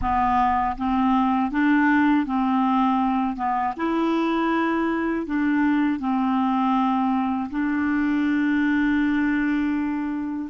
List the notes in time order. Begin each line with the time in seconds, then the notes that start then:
0.01 B3
0.77 C4
1.51 D4
2.26 C4
3.36 B3
3.76 E4
5.26 D4
5.99 C4
7.50 D4